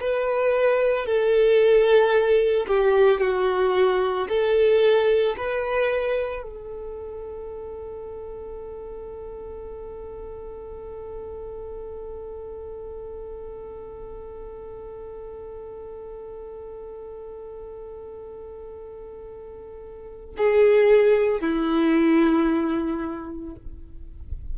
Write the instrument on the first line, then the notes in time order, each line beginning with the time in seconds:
violin
0.00 B4
1.06 A4
2.66 G4
3.20 F#4
4.28 A4
5.37 B4
6.42 A4
20.37 G#4
21.40 E4